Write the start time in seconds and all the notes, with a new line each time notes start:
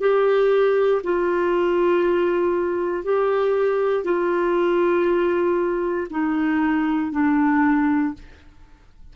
0.00 G4
1.04 F4
3.04 G4
4.04 F4
6.10 D#4
7.12 D4